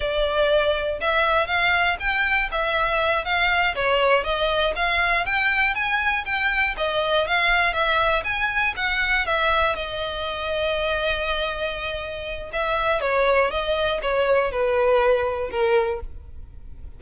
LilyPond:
\new Staff \with { instrumentName = "violin" } { \time 4/4 \tempo 4 = 120 d''2 e''4 f''4 | g''4 e''4. f''4 cis''8~ | cis''8 dis''4 f''4 g''4 gis''8~ | gis''8 g''4 dis''4 f''4 e''8~ |
e''8 gis''4 fis''4 e''4 dis''8~ | dis''1~ | dis''4 e''4 cis''4 dis''4 | cis''4 b'2 ais'4 | }